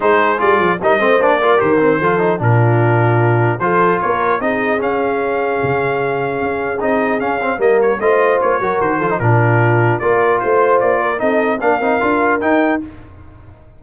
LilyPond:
<<
  \new Staff \with { instrumentName = "trumpet" } { \time 4/4 \tempo 4 = 150 c''4 d''4 dis''4 d''4 | c''2 ais'2~ | ais'4 c''4 cis''4 dis''4 | f''1~ |
f''4 dis''4 f''4 dis''8 cis''8 | dis''4 cis''4 c''4 ais'4~ | ais'4 d''4 c''4 d''4 | dis''4 f''2 g''4 | }
  \new Staff \with { instrumentName = "horn" } { \time 4/4 gis'2 ais'8 c''4 ais'8~ | ais'4 a'4 f'2~ | f'4 a'4 ais'4 gis'4~ | gis'1~ |
gis'2. ais'4 | c''4. ais'4 a'8 f'4~ | f'4 ais'4 c''4. ais'8 | a'4 ais'2. | }
  \new Staff \with { instrumentName = "trombone" } { \time 4/4 dis'4 f'4 dis'8 c'8 d'8 f'8 | g'8 c'8 f'8 dis'8 d'2~ | d'4 f'2 dis'4 | cis'1~ |
cis'4 dis'4 cis'8 c'8 ais4 | f'4. fis'4 f'16 dis'16 d'4~ | d'4 f'2. | dis'4 d'8 dis'8 f'4 dis'4 | }
  \new Staff \with { instrumentName = "tuba" } { \time 4/4 gis4 g8 f8 g8 a8 ais4 | dis4 f4 ais,2~ | ais,4 f4 ais4 c'4 | cis'2 cis2 |
cis'4 c'4 cis'4 g4 | a4 ais8 fis8 dis8 f8 ais,4~ | ais,4 ais4 a4 ais4 | c'4 ais8 c'8 d'4 dis'4 | }
>>